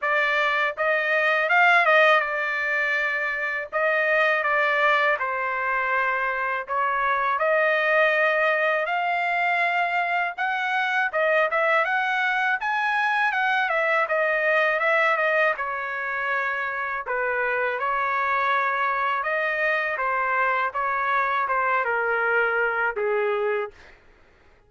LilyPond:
\new Staff \with { instrumentName = "trumpet" } { \time 4/4 \tempo 4 = 81 d''4 dis''4 f''8 dis''8 d''4~ | d''4 dis''4 d''4 c''4~ | c''4 cis''4 dis''2 | f''2 fis''4 dis''8 e''8 |
fis''4 gis''4 fis''8 e''8 dis''4 | e''8 dis''8 cis''2 b'4 | cis''2 dis''4 c''4 | cis''4 c''8 ais'4. gis'4 | }